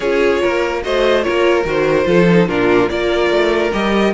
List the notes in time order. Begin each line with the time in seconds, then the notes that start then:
0.00 C#4 F4 G#4 C#5
0.41 A#3 A#4
0.82 A3 F#4 C5 D#5
1.22 A#3 F4 A#4 C#5
1.64 D#3 F#4 C5
2.04 F3 F4 A4
2.30 D#4
2.47 A#2 D4 F4 A#4
2.88 A#3 F4 A#4 D5
3.30 A3
3.72 G3 G4 D#5